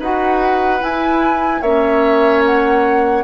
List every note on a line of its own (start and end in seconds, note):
0.00 0.81 D#4
0.00 0.80 F#4
0.00 1.62 B4
0.00 0.84 F#5
0.80 1.61 E4
0.80 1.62 E4
0.80 1.62 G#5
1.62 3.24 A#3
1.62 3.24 C#4
1.62 3.24 C#5
1.62 2.43 E5
2.46 3.24 F#5